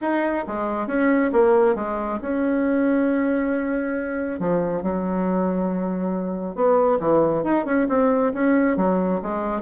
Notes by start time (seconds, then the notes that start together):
0.01 D#4
0.47 G#3
0.87 C#4
1.32 A#3
1.75 G#3
2.21 C#4
4.39 F3
4.82 F#3
6.55 B3
6.99 E3
7.43 D#4
7.65 C#4
7.89 C4
8.33 C#4
8.77 F#3
9.22 G#3